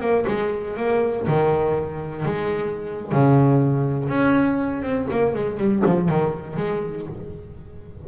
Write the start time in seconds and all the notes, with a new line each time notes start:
0.00 A#3
0.27 G#3
0.77 A#3
1.27 D#3
2.25 G#3
3.11 C#3
4.08 C#4
4.82 C4
5.11 A#3
5.34 G#3
5.57 G3
5.85 F3
6.08 D#3
6.57 G#3